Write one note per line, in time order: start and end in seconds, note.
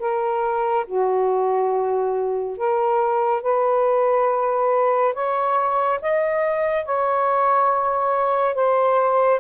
0.00 0.86 A#4
0.87 2.58 F#4
2.58 3.43 A#4
3.43 5.14 B4
5.14 6.00 C#5
6.02 6.86 D#5
6.86 8.55 C#5
8.55 9.41 C5